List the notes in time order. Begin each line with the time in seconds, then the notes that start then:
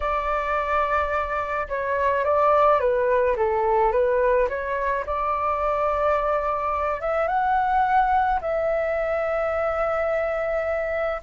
0.00 D5
1.68 C#5
2.24 D5
2.80 B4
3.36 A4
3.92 B4
4.49 C#5
5.05 D5
7.00 E5
7.27 F#5
8.41 E5